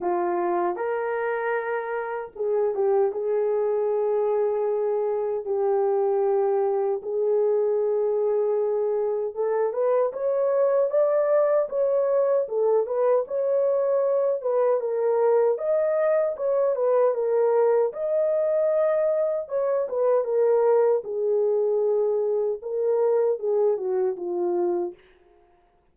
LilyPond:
\new Staff \with { instrumentName = "horn" } { \time 4/4 \tempo 4 = 77 f'4 ais'2 gis'8 g'8 | gis'2. g'4~ | g'4 gis'2. | a'8 b'8 cis''4 d''4 cis''4 |
a'8 b'8 cis''4. b'8 ais'4 | dis''4 cis''8 b'8 ais'4 dis''4~ | dis''4 cis''8 b'8 ais'4 gis'4~ | gis'4 ais'4 gis'8 fis'8 f'4 | }